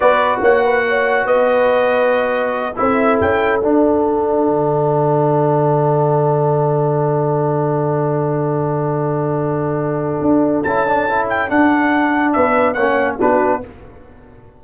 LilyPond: <<
  \new Staff \with { instrumentName = "trumpet" } { \time 4/4 \tempo 4 = 141 d''4 fis''2 dis''4~ | dis''2~ dis''8 e''4 g''8~ | g''8 fis''2.~ fis''8~ | fis''1~ |
fis''1~ | fis''1~ | fis''4 a''4. g''8 fis''4~ | fis''4 e''4 fis''4 b'4 | }
  \new Staff \with { instrumentName = "horn" } { \time 4/4 b'4 cis''8 b'8 cis''4 b'4~ | b'2~ b'8 a'4.~ | a'1~ | a'1~ |
a'1~ | a'1~ | a'1~ | a'4 b'4 cis''4 fis'4 | }
  \new Staff \with { instrumentName = "trombone" } { \time 4/4 fis'1~ | fis'2~ fis'8 e'4.~ | e'8 d'2.~ d'8~ | d'1~ |
d'1~ | d'1~ | d'4 e'8 d'8 e'4 d'4~ | d'2 cis'4 d'4 | }
  \new Staff \with { instrumentName = "tuba" } { \time 4/4 b4 ais2 b4~ | b2~ b8 c'4 cis'8~ | cis'8 d'2 d4.~ | d1~ |
d1~ | d1 | d'4 cis'2 d'4~ | d'4 b4 ais4 b4 | }
>>